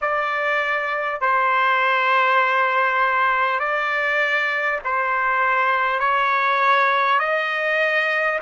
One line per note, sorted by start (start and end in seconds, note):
0.01 1.20 D5
1.20 3.59 C5
3.59 4.79 D5
4.84 5.99 C5
5.99 7.19 C#5
7.19 8.39 D#5